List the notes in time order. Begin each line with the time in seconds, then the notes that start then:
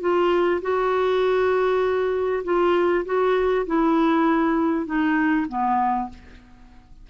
0.00 F4
0.61 F#4
2.44 F4
3.05 F#4
3.66 E4
4.86 D#4
5.48 B3